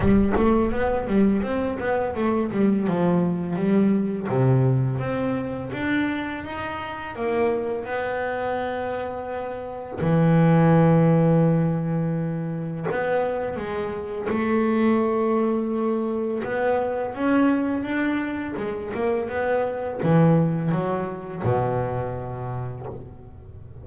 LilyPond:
\new Staff \with { instrumentName = "double bass" } { \time 4/4 \tempo 4 = 84 g8 a8 b8 g8 c'8 b8 a8 g8 | f4 g4 c4 c'4 | d'4 dis'4 ais4 b4~ | b2 e2~ |
e2 b4 gis4 | a2. b4 | cis'4 d'4 gis8 ais8 b4 | e4 fis4 b,2 | }